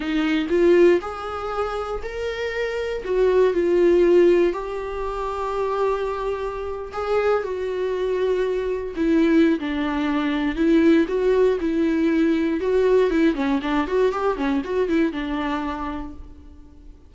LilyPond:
\new Staff \with { instrumentName = "viola" } { \time 4/4 \tempo 4 = 119 dis'4 f'4 gis'2 | ais'2 fis'4 f'4~ | f'4 g'2.~ | g'4.~ g'16 gis'4 fis'4~ fis'16~ |
fis'4.~ fis'16 e'4~ e'16 d'4~ | d'4 e'4 fis'4 e'4~ | e'4 fis'4 e'8 cis'8 d'8 fis'8 | g'8 cis'8 fis'8 e'8 d'2 | }